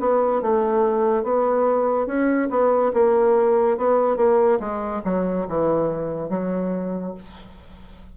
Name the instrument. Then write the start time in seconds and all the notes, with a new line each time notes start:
bassoon
0.00 B3
0.42 A3
1.24 B3
2.07 C#4
2.50 B3
2.93 A#3
3.78 B3
4.17 A#3
4.60 G#3
5.05 F#3
5.49 E3
6.30 F#3